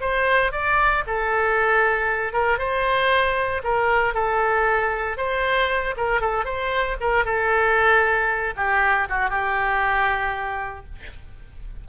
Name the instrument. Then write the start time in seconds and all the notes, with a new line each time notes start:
oboe
0.00 C5
0.51 D5
1.06 A4
2.33 A#4
2.58 C5
3.63 A#4
4.14 A4
5.17 C5
5.96 A#4
6.20 A4
6.44 C5
7.00 A#4
7.24 A4
8.56 G4
9.09 F#4
9.30 G4